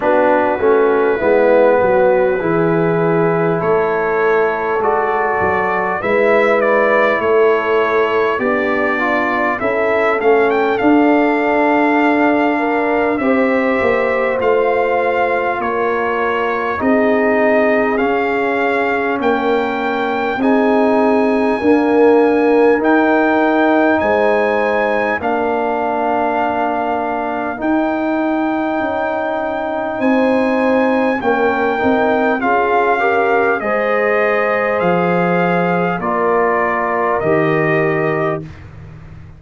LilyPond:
<<
  \new Staff \with { instrumentName = "trumpet" } { \time 4/4 \tempo 4 = 50 b'2. cis''4 | d''4 e''8 d''8 cis''4 d''4 | e''8 f''16 g''16 f''2 e''4 | f''4 cis''4 dis''4 f''4 |
g''4 gis''2 g''4 | gis''4 f''2 g''4~ | g''4 gis''4 g''4 f''4 | dis''4 f''4 d''4 dis''4 | }
  \new Staff \with { instrumentName = "horn" } { \time 4/4 fis'4 e'8 fis'8 gis'4 a'4~ | a'4 b'4 a'4 d'4 | a'2~ a'8 ais'8 c''4~ | c''4 ais'4 gis'2 |
ais'4 gis'4 ais'2 | c''4 ais'2.~ | ais'4 c''4 ais'4 gis'8 ais'8 | c''2 ais'2 | }
  \new Staff \with { instrumentName = "trombone" } { \time 4/4 d'8 cis'8 b4 e'2 | fis'4 e'2 g'8 f'8 | e'8 cis'8 d'2 g'4 | f'2 dis'4 cis'4~ |
cis'4 dis'4 ais4 dis'4~ | dis'4 d'2 dis'4~ | dis'2 cis'8 dis'8 f'8 g'8 | gis'2 f'4 g'4 | }
  \new Staff \with { instrumentName = "tuba" } { \time 4/4 b8 a8 gis8 fis8 e4 a4 | gis8 fis8 gis4 a4 b4 | cis'8 a8 d'2 c'8 ais8 | a4 ais4 c'4 cis'4 |
ais4 c'4 d'4 dis'4 | gis4 ais2 dis'4 | cis'4 c'4 ais8 c'8 cis'4 | gis4 f4 ais4 dis4 | }
>>